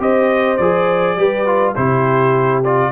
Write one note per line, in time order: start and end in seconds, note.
0.00 0.58 C4
0.00 0.58 G4
0.00 1.18 C5
0.00 0.58 D#5
0.58 1.17 F3
0.58 1.18 G#4
0.58 1.74 D5
1.17 1.75 G3
1.17 1.47 G4
1.17 1.75 B4
1.47 1.76 F4
1.75 2.93 C3
1.75 2.64 E4
1.75 2.91 G4
1.75 2.63 C5
2.64 2.93 F4
2.64 2.93 D5